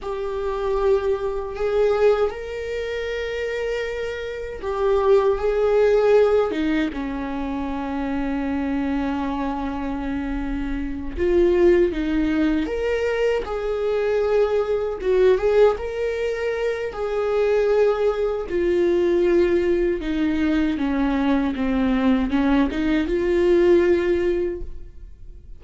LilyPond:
\new Staff \with { instrumentName = "viola" } { \time 4/4 \tempo 4 = 78 g'2 gis'4 ais'4~ | ais'2 g'4 gis'4~ | gis'8 dis'8 cis'2.~ | cis'2~ cis'8 f'4 dis'8~ |
dis'8 ais'4 gis'2 fis'8 | gis'8 ais'4. gis'2 | f'2 dis'4 cis'4 | c'4 cis'8 dis'8 f'2 | }